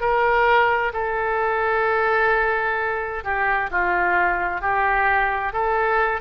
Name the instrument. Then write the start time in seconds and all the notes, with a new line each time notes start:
oboe
0.00 A#4
0.93 A4
3.23 G4
3.70 F4
4.61 G4
5.53 A4